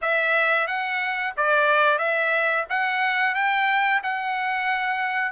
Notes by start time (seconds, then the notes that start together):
0.01 E5
0.67 F#5
1.36 D5
1.98 E5
2.69 F#5
3.35 G5
4.03 F#5